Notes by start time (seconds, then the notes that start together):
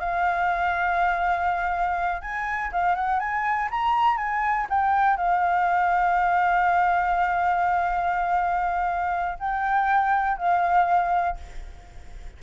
0.00 F5
2.22 G#5
2.72 F5
2.96 F#5
3.20 G#5
3.71 A#5
4.18 G#5
4.70 G5
5.17 F5
9.40 G5
10.38 F5